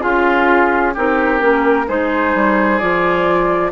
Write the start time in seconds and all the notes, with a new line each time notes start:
0.00 C#4 F4 G#4
0.94 C4 D#4 G4 A#4
1.39 A#3 C#4
1.88 G#3 D#4 G#4 C5
2.35 G3
2.79 F3 F4 D5